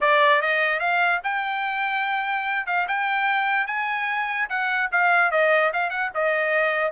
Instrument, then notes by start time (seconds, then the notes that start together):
trumpet
0.00 D5
0.41 D#5
0.79 F5
1.23 G5
2.66 F5
2.88 G5
3.66 G#5
4.49 F#5
4.91 F5
5.31 D#5
5.73 F5
5.90 F#5
6.14 D#5